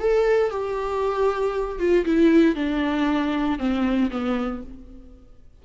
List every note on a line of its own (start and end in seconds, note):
0.00 0.51 A4
0.51 1.80 G4
1.80 2.05 F4
2.05 2.56 E4
2.56 3.59 D4
3.59 4.11 C4
4.11 4.63 B3